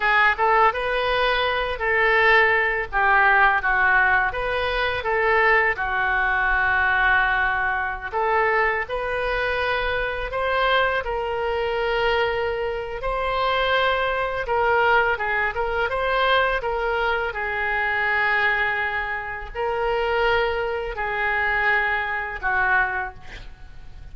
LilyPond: \new Staff \with { instrumentName = "oboe" } { \time 4/4 \tempo 4 = 83 gis'8 a'8 b'4. a'4. | g'4 fis'4 b'4 a'4 | fis'2.~ fis'16 a'8.~ | a'16 b'2 c''4 ais'8.~ |
ais'2 c''2 | ais'4 gis'8 ais'8 c''4 ais'4 | gis'2. ais'4~ | ais'4 gis'2 fis'4 | }